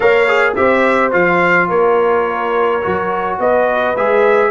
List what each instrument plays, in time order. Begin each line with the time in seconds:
0.00 tuba A#3, trombone A#4, horn C#5, trumpet F5
0.27 trombone G#4
0.55 tuba C4, trombone G4, horn C5, trumpet E5
1.11 tuba F3, trombone F4, trumpet F5
1.68 tuba A#3, horn A#4, trumpet C#5
2.82 tuba F#3, trombone F#4
3.39 tuba B3, horn B4, trumpet D#5
3.96 tuba G#3, trombone G#4, trumpet E5